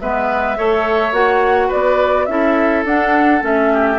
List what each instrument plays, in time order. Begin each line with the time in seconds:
0.00 bassoon G#3, clarinet B3, oboe B4, flute E5
0.57 bassoon A3, clarinet A4, oboe C#5
1.11 bassoon A#3, clarinet F#4, flute F#5
1.67 bassoon B3, oboe B4, flute D5
2.25 bassoon C#4, clarinet E4, oboe A4, flute E5
2.84 bassoon D4, clarinet D4, flute F#5
3.40 bassoon A3, clarinet C#4, flute E5
3.73 oboe G4